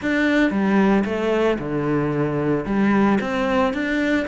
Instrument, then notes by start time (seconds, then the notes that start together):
cello
0.01 D4
0.50 G3
1.05 A3
1.59 D3
2.65 G3
3.21 C4
3.73 D4